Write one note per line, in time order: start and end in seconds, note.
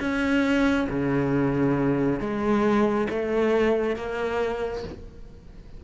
0.00 0.88 C#4
0.90 2.20 C#3
2.20 3.08 G#3
3.10 3.96 A3
3.96 4.83 A#3